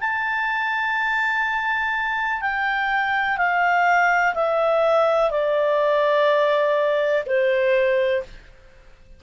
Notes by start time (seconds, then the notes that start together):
0.00 A5
2.41 G5
3.37 F5
4.35 E5
5.30 D5
7.26 C5